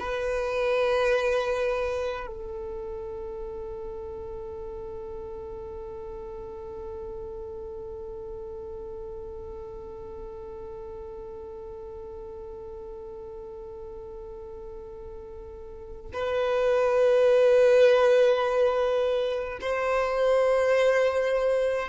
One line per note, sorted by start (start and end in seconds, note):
0.00 2.28 B4
2.28 16.12 A4
16.14 19.60 B4
19.62 21.89 C5